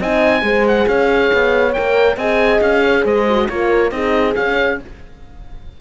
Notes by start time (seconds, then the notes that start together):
0.00 C4 D#4 D#5 G#5
0.42 G#3 G#4 C5
0.68 F#5
0.87 C#4 C#5 F5
1.33 B3
1.73 A#3 A#4 G5
2.17 C4 G#4 D#5 G#5
2.61 C#4 F5
2.84 C#5
3.05 G#3 C5 D#5
3.29 F#4
3.49 A#3 F4 A#4 C#5
3.91 C4 D#4 G#4 D#5
4.36 C#4 F5